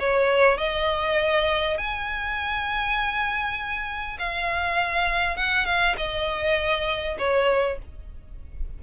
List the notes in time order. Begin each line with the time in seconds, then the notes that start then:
0.00 C#5
0.58 D#5
1.78 G#5
4.19 F5
5.37 F#5
5.66 F5
5.98 D#5
7.19 C#5